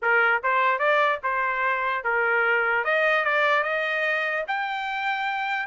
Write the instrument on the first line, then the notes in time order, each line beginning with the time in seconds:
trumpet
0.01 A#4
0.43 C5
0.78 D5
1.23 C5
2.04 A#4
2.84 D#5
3.24 D5
3.63 D#5
4.47 G5